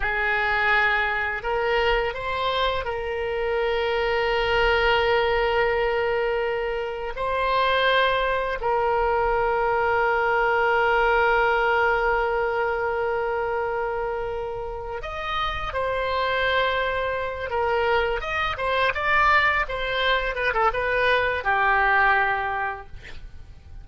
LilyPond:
\new Staff \with { instrumentName = "oboe" } { \time 4/4 \tempo 4 = 84 gis'2 ais'4 c''4 | ais'1~ | ais'2 c''2 | ais'1~ |
ais'1~ | ais'4 dis''4 c''2~ | c''8 ais'4 dis''8 c''8 d''4 c''8~ | c''8 b'16 a'16 b'4 g'2 | }